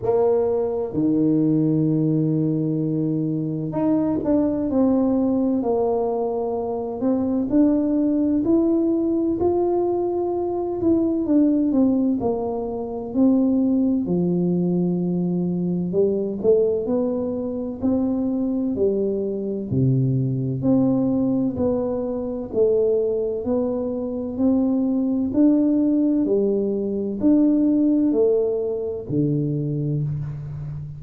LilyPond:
\new Staff \with { instrumentName = "tuba" } { \time 4/4 \tempo 4 = 64 ais4 dis2. | dis'8 d'8 c'4 ais4. c'8 | d'4 e'4 f'4. e'8 | d'8 c'8 ais4 c'4 f4~ |
f4 g8 a8 b4 c'4 | g4 c4 c'4 b4 | a4 b4 c'4 d'4 | g4 d'4 a4 d4 | }